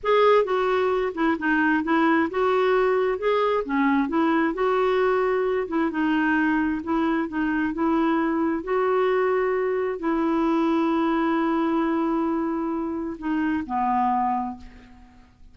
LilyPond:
\new Staff \with { instrumentName = "clarinet" } { \time 4/4 \tempo 4 = 132 gis'4 fis'4. e'8 dis'4 | e'4 fis'2 gis'4 | cis'4 e'4 fis'2~ | fis'8 e'8 dis'2 e'4 |
dis'4 e'2 fis'4~ | fis'2 e'2~ | e'1~ | e'4 dis'4 b2 | }